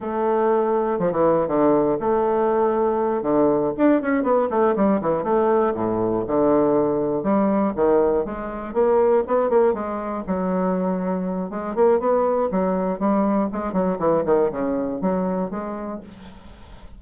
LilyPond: \new Staff \with { instrumentName = "bassoon" } { \time 4/4 \tempo 4 = 120 a2 f16 e8. d4 | a2~ a8 d4 d'8 | cis'8 b8 a8 g8 e8 a4 a,8~ | a,8 d2 g4 dis8~ |
dis8 gis4 ais4 b8 ais8 gis8~ | gis8 fis2~ fis8 gis8 ais8 | b4 fis4 g4 gis8 fis8 | e8 dis8 cis4 fis4 gis4 | }